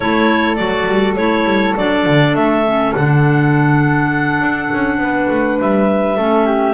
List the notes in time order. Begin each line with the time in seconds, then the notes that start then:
0.00 A3 E4 A4 C#5
0.55 F#3 F#4 D5
0.86 G3
1.16 A3 E4 C#5
1.44 G3
1.76 F#3 D4 D5
2.06 D3
2.34 A3 E5
2.66 C#4
2.94 D3 D4 F#5
4.41 D4
4.73 C#4
4.98 B3 B4
5.30 A3
5.60 G3 E5
6.16 A3 C#4 A4
6.46 G4